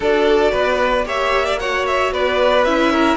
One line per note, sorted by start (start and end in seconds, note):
0.00 0.50 D4
0.00 1.04 F#4
0.00 0.51 A4
0.00 1.08 D5
0.51 1.06 B3
0.51 1.04 B4
1.04 2.12 A#3
1.04 1.57 G4
1.04 1.45 C#5
1.04 1.59 E5
1.45 1.58 D5
1.59 2.66 F#4
1.59 2.13 C#5
1.59 1.85 F#5
1.86 2.12 E5
2.12 2.65 B3
2.12 2.92 B4
2.12 2.64 D5
2.64 3.16 C#4
2.64 3.16 E4
2.64 3.16 E5
2.92 3.16 A#4